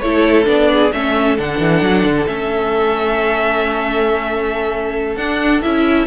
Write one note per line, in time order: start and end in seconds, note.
0.00 0.46 A3
0.00 0.45 E4
0.00 0.45 C#5
0.07 0.73 A4
0.45 0.92 B3
0.45 0.90 D4
0.45 0.93 D5
0.73 0.95 G#4
0.93 1.38 A3
0.93 1.37 C#4
0.93 6.07 A4
0.93 1.37 E5
1.37 1.60 D3
1.37 2.27 D4
1.37 2.27 F#5
1.60 1.82 E3
1.82 2.04 F#3
2.04 2.26 D3
2.27 5.17 A3
2.27 5.18 C#4
2.27 5.17 E5
5.17 5.61 D4
5.17 5.63 D4
5.17 5.61 F#5
5.62 6.07 C#4
5.62 6.07 E4
5.62 6.07 E5